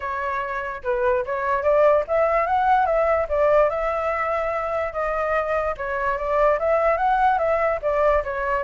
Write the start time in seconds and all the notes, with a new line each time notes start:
0.00 C#5
0.83 B4
1.25 C#5
1.62 D5
2.07 E5
2.46 F#5
2.86 E5
3.29 D5
3.69 E5
4.92 D#5
5.77 C#5
6.17 D5
6.59 E5
6.97 F#5
7.38 E5
7.82 D5
8.24 C#5